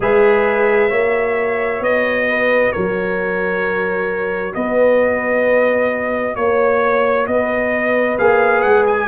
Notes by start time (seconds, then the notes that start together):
0.00 G#3 G#4 B4 E5
0.89 A#3 F#4 C#5
1.80 B3 D#5
2.29 B4
2.71 F#3 A#4 C#5
4.53 B3 B4 D#5
6.35 A#3 C#5
7.27 B3 B4 D#5
8.18 A#3 G#4 F5
8.61 G#3 F#5
8.86 G#5